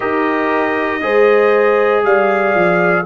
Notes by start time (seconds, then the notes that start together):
0.00 D#4 G4 A#4 D#5
1.01 G#3 G#4 C5
2.03 G3 D5 F5
2.54 F3